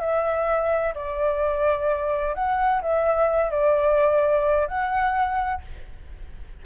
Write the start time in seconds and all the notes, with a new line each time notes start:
0.00 E5
0.95 D5
2.35 F#5
2.82 E5
3.50 D5
4.67 F#5